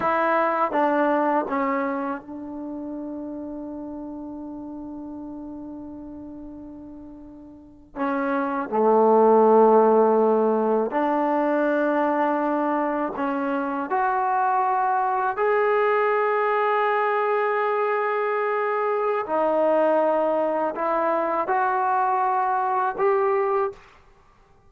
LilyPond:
\new Staff \with { instrumentName = "trombone" } { \time 4/4 \tempo 4 = 81 e'4 d'4 cis'4 d'4~ | d'1~ | d'2~ d'8. cis'4 a16~ | a2~ a8. d'4~ d'16~ |
d'4.~ d'16 cis'4 fis'4~ fis'16~ | fis'8. gis'2.~ gis'16~ | gis'2 dis'2 | e'4 fis'2 g'4 | }